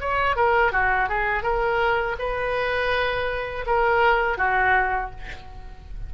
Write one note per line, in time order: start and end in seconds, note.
0.00 0.36 C#5
0.36 0.72 A#4
0.72 1.08 F#4
1.08 1.42 G#4
1.42 2.16 A#4
2.19 3.65 B4
3.66 4.37 A#4
4.37 5.11 F#4